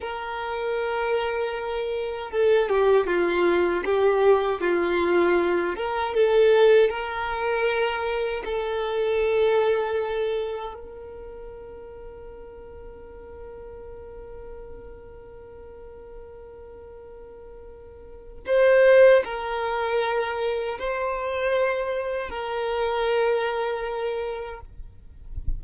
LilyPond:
\new Staff \with { instrumentName = "violin" } { \time 4/4 \tempo 4 = 78 ais'2. a'8 g'8 | f'4 g'4 f'4. ais'8 | a'4 ais'2 a'4~ | a'2 ais'2~ |
ais'1~ | ais'1 | c''4 ais'2 c''4~ | c''4 ais'2. | }